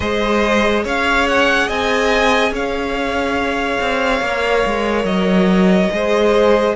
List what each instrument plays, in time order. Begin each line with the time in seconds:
0.00 cello G#3, viola G#4, violin C5 D#5
0.84 cello C#4, violin C#5 F5
1.28 violin F#5
1.67 cello C4, violin D#5 G#5
2.51 cello C#4, violin C#5 F5
3.80 cello C4
4.21 cello A#3, viola A#4
4.66 cello G#3
5.04 cello F#3, violin D#5
5.92 cello G#3, viola G#4, violin C5